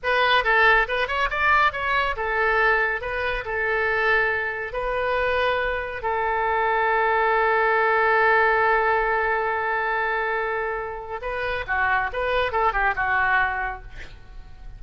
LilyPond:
\new Staff \with { instrumentName = "oboe" } { \time 4/4 \tempo 4 = 139 b'4 a'4 b'8 cis''8 d''4 | cis''4 a'2 b'4 | a'2. b'4~ | b'2 a'2~ |
a'1~ | a'1~ | a'2 b'4 fis'4 | b'4 a'8 g'8 fis'2 | }